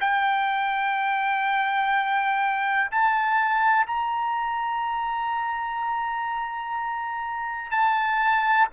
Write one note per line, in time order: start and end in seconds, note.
0.00 2.90 G5
2.91 3.86 A5
3.86 7.71 A#5
7.71 8.68 A5